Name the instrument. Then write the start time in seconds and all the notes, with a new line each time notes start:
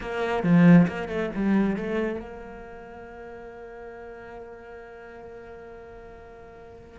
cello
0.01 A#3
0.43 F3
0.87 A#3
1.08 A3
1.35 G3
1.76 A3
2.20 A#3